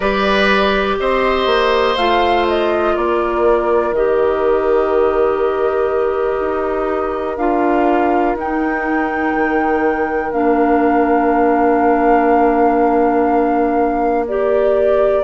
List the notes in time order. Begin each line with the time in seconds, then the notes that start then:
0.00 G3 G4 B4 D5
0.99 C4 C5 D#5
1.46 A#3
1.96 A3 F4 F5
2.48 D#5
2.94 A#3 A#4 D5
3.91 D#3 G4 D#5
6.40 D#4
7.37 D4 F4 F5
8.35 D#4 G5
9.35 D#3
10.31 A#3 D4 F5
14.27 G4 D5